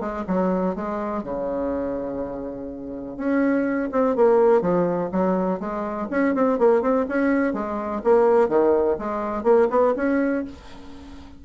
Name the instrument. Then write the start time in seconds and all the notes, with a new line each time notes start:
bassoon
0.00 G#3
0.27 F#3
0.75 G#3
1.23 C#3
3.17 C#4
3.92 C4
4.16 A#3
4.61 F3
5.12 F#3
5.60 G#3
6.10 C#4
6.34 C4
6.58 A#3
6.82 C4
7.08 C#4
7.53 G#3
8.03 A#3
8.48 D#3
8.98 G#3
9.43 A#3
9.70 B3
9.96 C#4